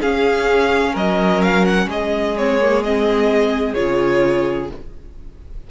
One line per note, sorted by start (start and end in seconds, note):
0.00 2.36 C#4
0.00 0.95 C#4
0.00 0.93 G#4
0.00 0.95 F5
0.93 1.86 F#3
0.93 1.86 A#4
0.93 1.42 D#5
1.42 1.65 F5
1.65 1.88 F#5
1.86 3.73 G#3
1.86 4.70 G#4
1.86 2.37 D#5
2.37 2.60 C4
2.37 2.83 C#5
2.60 2.84 A#3
2.83 3.76 C4
2.83 3.74 D#5
3.74 4.70 C#3
3.74 4.70 F4
3.74 4.68 C#5